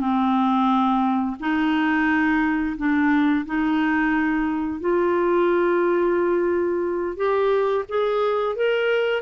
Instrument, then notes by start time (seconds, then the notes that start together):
clarinet
0.00 C4
1.40 D#4
2.78 D4
3.46 D#4
4.80 F4
7.17 G4
7.89 G#4
8.56 A#4